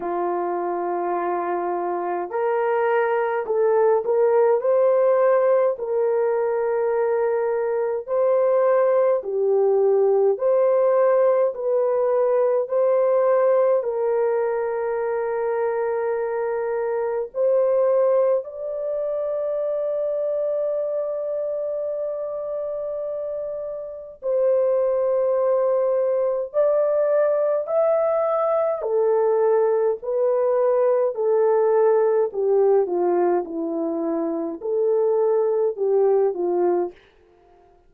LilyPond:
\new Staff \with { instrumentName = "horn" } { \time 4/4 \tempo 4 = 52 f'2 ais'4 a'8 ais'8 | c''4 ais'2 c''4 | g'4 c''4 b'4 c''4 | ais'2. c''4 |
d''1~ | d''4 c''2 d''4 | e''4 a'4 b'4 a'4 | g'8 f'8 e'4 a'4 g'8 f'8 | }